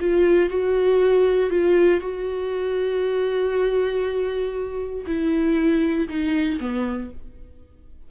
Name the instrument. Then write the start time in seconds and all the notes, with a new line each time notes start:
viola
0.00 F4
0.50 F#4
1.50 F4
2.01 F#4
5.06 E4
6.08 D#4
6.60 B3